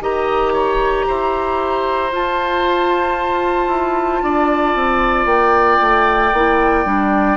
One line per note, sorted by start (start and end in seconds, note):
0.00 1.05 D#3
0.00 2.10 G4
0.00 0.52 D#5
0.00 2.13 A#5
0.52 1.05 C#5
1.07 2.11 E4
1.07 4.23 C5
2.10 6.31 F4
2.10 3.67 F4
2.10 5.26 A5
3.67 4.20 E4
4.22 4.75 D4
4.22 7.37 D5
4.75 5.25 C4
5.25 5.78 A#3
5.25 7.37 G5
5.80 6.32 A3
6.32 6.84 A#3
6.32 6.85 E4
6.84 7.37 G3
6.84 7.37 D4